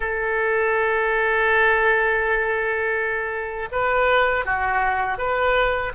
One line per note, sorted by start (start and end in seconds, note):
0.00 3.68 A4
3.71 4.45 B4
4.45 5.18 F#4
5.18 5.92 B4